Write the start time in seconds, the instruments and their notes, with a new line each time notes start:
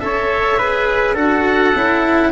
0.00 tuba C#4, cello A4, trumpet C#5, oboe E5
0.58 cello G#4, trumpet B4
1.15 tuba D4, cello F#4, trumpet A4, oboe F#5
1.75 tuba C#4, cello E4